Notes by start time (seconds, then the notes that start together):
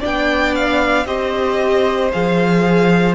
0.00 B3 D4 D5 G5
0.55 F5
1.06 C4 G4 C5 D#5
2.12 F3 G#4 F5